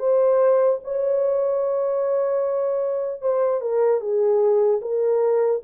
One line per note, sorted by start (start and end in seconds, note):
0.00 0.80 C5
0.84 3.22 C#5
3.22 3.61 C5
3.61 4.01 A#4
4.01 4.81 G#4
4.82 5.62 A#4